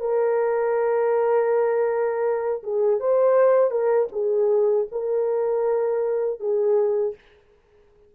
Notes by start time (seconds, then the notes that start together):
0.00 A#4
2.63 G#4
3.00 C5
3.71 A#4
4.12 G#4
4.92 A#4
6.40 G#4